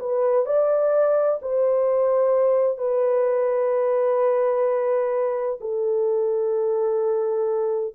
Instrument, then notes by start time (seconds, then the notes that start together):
horn
0.00 B4
0.46 D5
1.42 C5
2.78 B4
5.61 A4